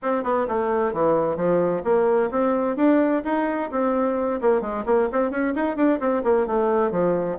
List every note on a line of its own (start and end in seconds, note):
0.02 0.23 C4
0.23 0.46 B3
0.47 0.93 A3
0.93 1.36 E3
1.36 1.82 F3
1.84 2.30 A#3
2.30 2.76 C4
2.76 3.22 D4
3.24 3.70 D#4
3.71 4.40 C4
4.41 4.61 A#3
4.61 4.84 G#3
4.85 5.08 A#3
5.12 5.30 C4
5.30 5.53 C#4
5.55 5.76 D#4
5.76 5.99 D4
5.99 6.22 C4
6.23 6.46 A#3
6.46 6.91 A3
6.91 7.37 F3